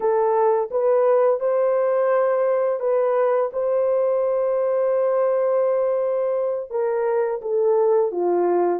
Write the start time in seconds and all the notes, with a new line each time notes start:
0.00 A4
0.71 B4
1.39 C5
2.80 B4
3.52 C5
6.70 A#4
7.41 A4
8.11 F4